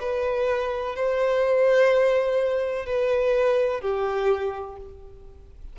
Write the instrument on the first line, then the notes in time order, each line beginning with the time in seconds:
violin
0.00 B4
0.95 C5
2.86 B4
3.81 G4